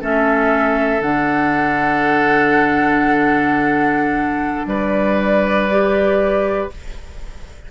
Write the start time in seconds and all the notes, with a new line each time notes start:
0.00 A3 C#4 A4 E5
1.01 D3 D4 F#5
4.66 G3 B4 D5
5.70 G4